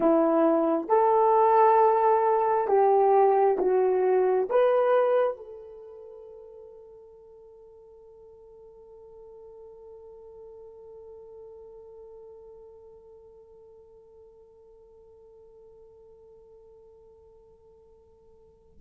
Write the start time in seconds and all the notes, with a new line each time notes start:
0.00 E4
0.88 A4
2.67 G4
3.58 F#4
4.49 B4
5.36 A4